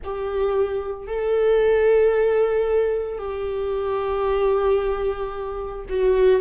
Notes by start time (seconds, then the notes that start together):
0.04 G4
1.07 A4
3.18 G4
5.89 F#4